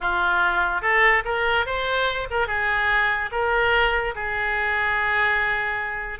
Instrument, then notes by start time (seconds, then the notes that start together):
oboe
0.00 F4
0.81 A4
1.24 A#4
1.66 C5
2.30 A#4
2.47 G#4
3.31 A#4
4.15 G#4